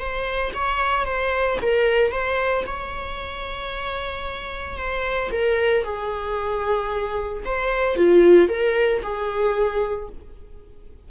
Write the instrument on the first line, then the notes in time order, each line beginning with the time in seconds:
viola
0.00 C5
0.55 C#5
1.06 C5
1.62 A#4
2.12 C5
2.67 C#5
4.78 C5
5.32 A#4
5.85 G#4
7.46 C5
7.97 F4
8.49 A#4
9.04 G#4